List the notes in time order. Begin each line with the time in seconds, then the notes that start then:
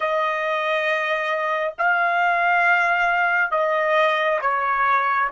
0.00 D#5
1.78 F5
3.51 D#5
4.41 C#5